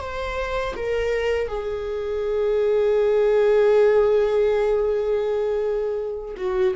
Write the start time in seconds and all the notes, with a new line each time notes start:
0.00 C5
0.76 A#4
1.48 G#4
6.37 F#4